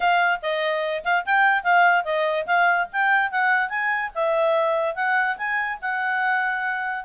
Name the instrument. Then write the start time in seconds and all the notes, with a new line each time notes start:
clarinet
0.00 F5
0.41 D#5
1.04 F5
1.25 G5
1.63 F5
2.04 D#5
2.46 F5
2.92 G5
3.31 F#5
3.69 G#5
4.15 E5
4.95 F#5
5.37 G#5
5.81 F#5